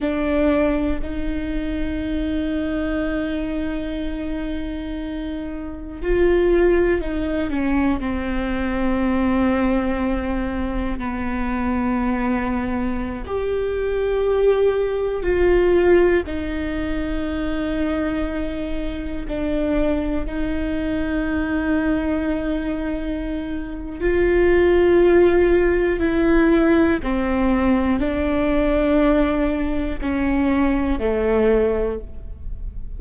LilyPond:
\new Staff \with { instrumentName = "viola" } { \time 4/4 \tempo 4 = 60 d'4 dis'2.~ | dis'2 f'4 dis'8 cis'8 | c'2. b4~ | b4~ b16 g'2 f'8.~ |
f'16 dis'2. d'8.~ | d'16 dis'2.~ dis'8. | f'2 e'4 c'4 | d'2 cis'4 a4 | }